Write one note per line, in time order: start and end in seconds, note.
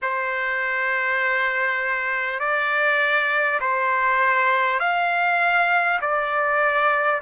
0.02 2.39 C5
2.39 3.59 D5
3.60 4.79 C5
4.79 5.99 F5
6.01 7.21 D5